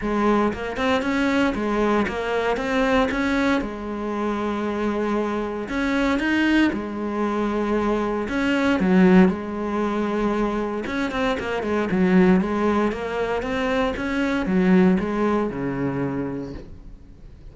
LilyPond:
\new Staff \with { instrumentName = "cello" } { \time 4/4 \tempo 4 = 116 gis4 ais8 c'8 cis'4 gis4 | ais4 c'4 cis'4 gis4~ | gis2. cis'4 | dis'4 gis2. |
cis'4 fis4 gis2~ | gis4 cis'8 c'8 ais8 gis8 fis4 | gis4 ais4 c'4 cis'4 | fis4 gis4 cis2 | }